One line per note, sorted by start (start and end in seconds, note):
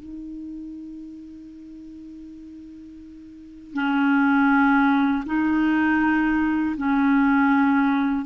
0.00 3.74 D#4
3.74 5.24 C#4
5.26 6.76 D#4
6.77 8.26 C#4